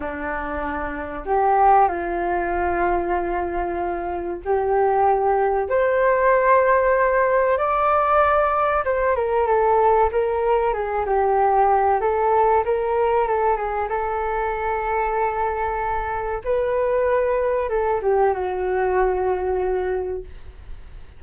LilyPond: \new Staff \with { instrumentName = "flute" } { \time 4/4 \tempo 4 = 95 d'2 g'4 f'4~ | f'2. g'4~ | g'4 c''2. | d''2 c''8 ais'8 a'4 |
ais'4 gis'8 g'4. a'4 | ais'4 a'8 gis'8 a'2~ | a'2 b'2 | a'8 g'8 fis'2. | }